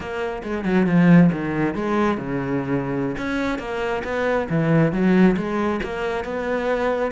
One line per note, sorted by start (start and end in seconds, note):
0.00 0.42 A#3
0.43 0.64 G#3
0.64 0.86 F#3
0.86 1.30 F3
1.32 1.74 D#3
1.74 2.17 G#3
2.17 3.16 C#3
3.17 3.59 C#4
3.59 4.02 A#3
4.04 4.48 B3
4.49 4.92 E3
4.92 5.36 F#3
5.36 5.80 G#3
5.83 6.24 A#3
6.24 7.11 B3